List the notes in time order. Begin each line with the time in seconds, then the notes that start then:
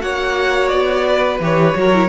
0.00 A#3 F#4 C#5 F#5
0.68 B3 D5
1.08 B4
1.40 E3 G4 C#5
1.75 F#3 F#4 A#4
1.94 E4